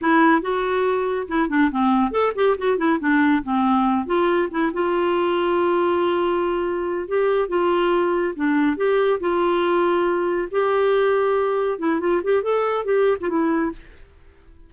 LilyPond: \new Staff \with { instrumentName = "clarinet" } { \time 4/4 \tempo 4 = 140 e'4 fis'2 e'8 d'8 | c'4 a'8 g'8 fis'8 e'8 d'4 | c'4. f'4 e'8 f'4~ | f'1~ |
f'8 g'4 f'2 d'8~ | d'8 g'4 f'2~ f'8~ | f'8 g'2. e'8 | f'8 g'8 a'4 g'8. f'16 e'4 | }